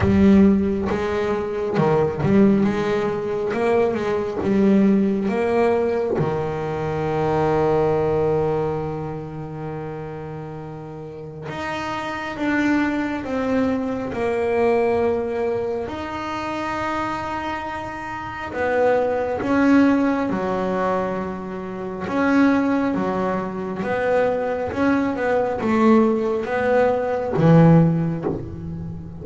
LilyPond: \new Staff \with { instrumentName = "double bass" } { \time 4/4 \tempo 4 = 68 g4 gis4 dis8 g8 gis4 | ais8 gis8 g4 ais4 dis4~ | dis1~ | dis4 dis'4 d'4 c'4 |
ais2 dis'2~ | dis'4 b4 cis'4 fis4~ | fis4 cis'4 fis4 b4 | cis'8 b8 a4 b4 e4 | }